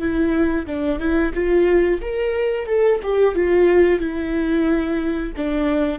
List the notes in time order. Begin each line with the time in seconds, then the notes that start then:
0.00 E4
0.67 D4
1.00 E4
1.35 F4
2.02 A#4
2.67 A4
3.03 G4
3.35 F4
4.00 E4
5.37 D4